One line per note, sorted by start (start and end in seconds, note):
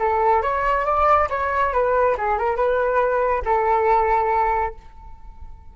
0.00 0.43 A4
0.43 0.86 C#5
0.86 1.29 D5
1.30 1.73 C#5
1.73 2.17 B4
2.18 2.39 G#4
2.39 2.57 A#4
2.57 3.43 B4
3.46 4.75 A4